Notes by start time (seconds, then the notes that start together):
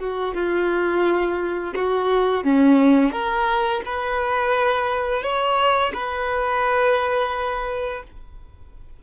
0.00 F#4
0.35 F4
1.76 F#4
2.44 C#4
3.12 A#4
3.86 B4
5.23 C#5
5.94 B4